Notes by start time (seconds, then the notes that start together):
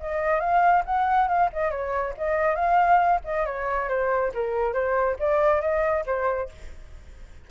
0.00 D#5
0.40 F5
0.85 F#5
1.28 F5
1.53 D#5
1.71 C#5
2.17 D#5
2.55 F5
3.24 D#5
3.45 C#5
3.88 C5
4.34 A#4
4.73 C5
5.19 D5
5.61 D#5
6.06 C5